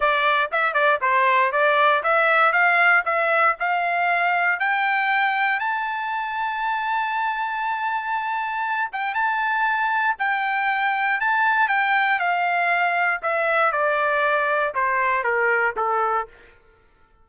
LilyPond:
\new Staff \with { instrumentName = "trumpet" } { \time 4/4 \tempo 4 = 118 d''4 e''8 d''8 c''4 d''4 | e''4 f''4 e''4 f''4~ | f''4 g''2 a''4~ | a''1~ |
a''4. g''8 a''2 | g''2 a''4 g''4 | f''2 e''4 d''4~ | d''4 c''4 ais'4 a'4 | }